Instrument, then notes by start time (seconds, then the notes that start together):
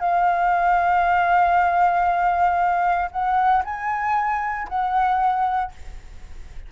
flute
0.00 F5
3.12 F#5
3.65 G#5
4.69 F#5